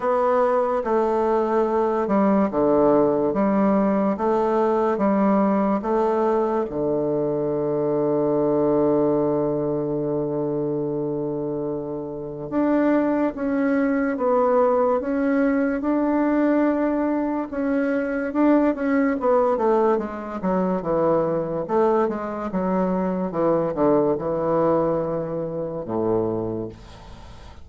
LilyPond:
\new Staff \with { instrumentName = "bassoon" } { \time 4/4 \tempo 4 = 72 b4 a4. g8 d4 | g4 a4 g4 a4 | d1~ | d2. d'4 |
cis'4 b4 cis'4 d'4~ | d'4 cis'4 d'8 cis'8 b8 a8 | gis8 fis8 e4 a8 gis8 fis4 | e8 d8 e2 a,4 | }